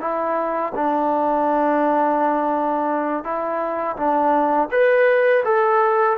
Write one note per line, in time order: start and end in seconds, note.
0.00 0.72 E4
0.75 3.24 D4
3.24 3.96 E4
3.96 4.69 D4
4.71 5.43 B4
5.44 6.17 A4